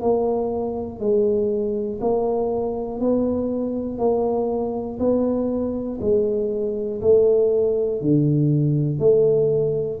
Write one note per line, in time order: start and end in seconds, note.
0.00 1.00 A#3
1.00 2.00 G#3
2.00 3.00 A#3
3.00 3.98 B3
3.98 4.98 A#3
4.99 5.99 B3
6.00 7.00 G#3
7.01 8.00 A3
8.00 8.99 D3
8.99 9.99 A3